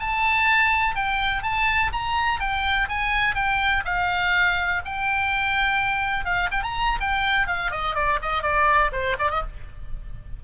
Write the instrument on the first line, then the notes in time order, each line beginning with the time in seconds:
oboe
0.00 A5
0.96 G5
1.43 A5
1.93 A#5
2.40 G5
2.89 G#5
3.35 G5
3.85 F5
4.85 G5
6.25 F5
6.52 G5
6.63 A#5
7.01 G5
7.47 F5
7.71 D#5
7.95 D5
8.22 D#5
8.43 D5
8.92 C5
9.19 D5
9.30 D#5